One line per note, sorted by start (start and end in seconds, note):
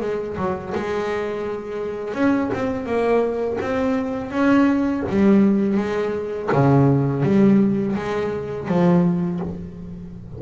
0.00 0.36 G#3
0.37 0.73 F#3
0.74 2.14 G#3
2.14 2.50 C#4
2.53 2.86 C4
2.86 3.58 A#3
3.60 4.30 C4
4.30 5.03 C#4
5.09 5.77 G3
5.77 6.49 G#3
6.52 7.23 C#3
7.23 7.95 G3
7.96 8.67 G#3
8.67 9.40 F3